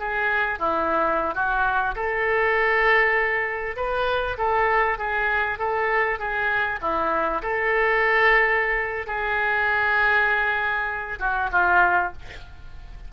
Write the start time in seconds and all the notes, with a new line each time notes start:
0.00 G#4
0.60 E4
1.35 F#4
1.96 A4
3.77 B4
4.38 A4
4.99 G#4
5.59 A4
6.19 G#4
6.82 E4
7.43 A4
9.07 G#4
11.20 F#4
11.52 F4